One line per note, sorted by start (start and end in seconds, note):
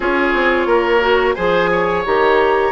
0.00 0.33 C#4
0.00 1.00 F4
0.00 0.67 G#4
0.00 1.34 C#5
0.33 0.66 C4
0.66 1.34 A#3
0.66 1.35 A#4
1.00 1.34 F#4
1.34 2.05 F3
1.34 2.05 G#4
1.34 1.69 C5
1.34 2.02 G#5
1.71 2.72 C#5
2.05 2.72 D#3
2.05 2.72 G4
2.05 2.72 A#5